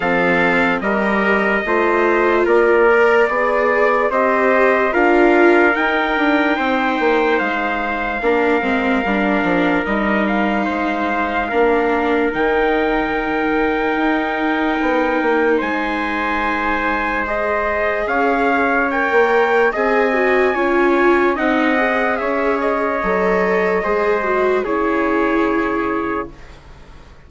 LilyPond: <<
  \new Staff \with { instrumentName = "trumpet" } { \time 4/4 \tempo 4 = 73 f''4 dis''2 d''4~ | d''4 dis''4 f''4 g''4~ | g''4 f''2. | dis''8 f''2~ f''8 g''4~ |
g''2. gis''4~ | gis''4 dis''4 f''4 g''4 | gis''2 fis''4 e''8 dis''8~ | dis''2 cis''2 | }
  \new Staff \with { instrumentName = "trumpet" } { \time 4/4 a'4 ais'4 c''4 ais'4 | d''4 c''4 ais'2 | c''2 ais'2~ | ais'4 c''4 ais'2~ |
ais'2. c''4~ | c''2 cis''2 | dis''4 cis''4 dis''4 cis''4~ | cis''4 c''4 gis'2 | }
  \new Staff \with { instrumentName = "viola" } { \time 4/4 c'4 g'4 f'4. ais'8 | gis'4 g'4 f'4 dis'4~ | dis'2 d'8 c'8 d'4 | dis'2 d'4 dis'4~ |
dis'1~ | dis'4 gis'2 ais'4 | gis'8 fis'8 f'4 dis'8 gis'4. | a'4 gis'8 fis'8 e'2 | }
  \new Staff \with { instrumentName = "bassoon" } { \time 4/4 f4 g4 a4 ais4 | b4 c'4 d'4 dis'8 d'8 | c'8 ais8 gis4 ais8 gis8 g8 f8 | g4 gis4 ais4 dis4~ |
dis4 dis'4 b8 ais8 gis4~ | gis2 cis'4~ cis'16 ais8. | c'4 cis'4 c'4 cis'4 | fis4 gis4 cis2 | }
>>